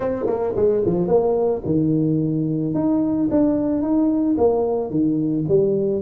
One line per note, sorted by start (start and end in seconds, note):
0.00 0.26 C4
0.26 0.53 A#3
0.56 0.83 G#3
0.85 1.07 F3
1.07 1.62 A#3
1.65 2.74 D#3
2.74 3.29 D#4
3.30 3.82 D4
3.82 4.36 D#4
4.37 4.90 A#3
4.90 5.44 D#3
5.48 6.02 G3